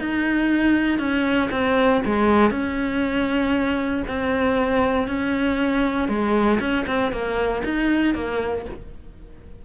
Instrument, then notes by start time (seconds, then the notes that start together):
cello
0.00 D#4
0.99 C#4
1.51 C4
2.06 G#3
2.51 C#4
4.08 C4
5.08 C#4
6.09 G#3
6.60 C#4
6.87 C4
7.12 A#3
7.65 D#4
8.14 A#3